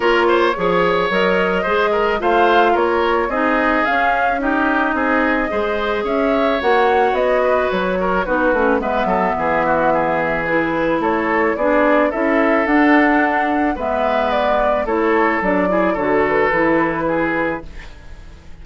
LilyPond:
<<
  \new Staff \with { instrumentName = "flute" } { \time 4/4 \tempo 4 = 109 cis''2 dis''2 | f''4 cis''4 dis''4 f''4 | dis''2. e''4 | fis''4 dis''4 cis''4 b'4 |
e''2. b'4 | cis''4 d''4 e''4 fis''4~ | fis''4 e''4 d''4 cis''4 | d''4 cis''8 b'2~ b'8 | }
  \new Staff \with { instrumentName = "oboe" } { \time 4/4 ais'8 c''8 cis''2 c''8 ais'8 | c''4 ais'4 gis'2 | g'4 gis'4 c''4 cis''4~ | cis''4. b'4 ais'8 fis'4 |
b'8 a'8 gis'8 fis'8 gis'2 | a'4 gis'4 a'2~ | a'4 b'2 a'4~ | a'8 gis'8 a'2 gis'4 | }
  \new Staff \with { instrumentName = "clarinet" } { \time 4/4 f'4 gis'4 ais'4 gis'4 | f'2 dis'4 cis'4 | dis'2 gis'2 | fis'2. dis'8 cis'8 |
b2. e'4~ | e'4 d'4 e'4 d'4~ | d'4 b2 e'4 | d'8 e'8 fis'4 e'2 | }
  \new Staff \with { instrumentName = "bassoon" } { \time 4/4 ais4 f4 fis4 gis4 | a4 ais4 c'4 cis'4~ | cis'4 c'4 gis4 cis'4 | ais4 b4 fis4 b8 a8 |
gis8 fis8 e2. | a4 b4 cis'4 d'4~ | d'4 gis2 a4 | fis4 d4 e2 | }
>>